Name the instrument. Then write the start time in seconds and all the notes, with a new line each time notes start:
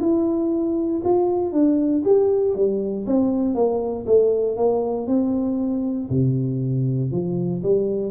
tuba
0.00 E4
1.04 F4
1.52 D4
2.04 G4
2.55 G3
3.07 C4
3.55 A#3
4.06 A3
4.57 A#3
5.07 C4
6.10 C3
7.11 F3
7.63 G3